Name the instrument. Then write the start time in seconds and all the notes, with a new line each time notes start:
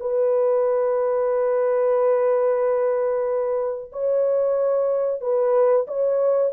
horn
0.00 B4
3.92 C#5
5.21 B4
5.88 C#5